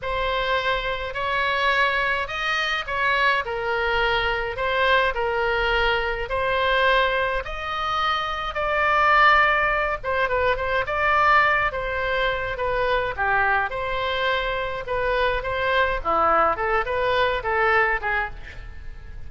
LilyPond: \new Staff \with { instrumentName = "oboe" } { \time 4/4 \tempo 4 = 105 c''2 cis''2 | dis''4 cis''4 ais'2 | c''4 ais'2 c''4~ | c''4 dis''2 d''4~ |
d''4. c''8 b'8 c''8 d''4~ | d''8 c''4. b'4 g'4 | c''2 b'4 c''4 | e'4 a'8 b'4 a'4 gis'8 | }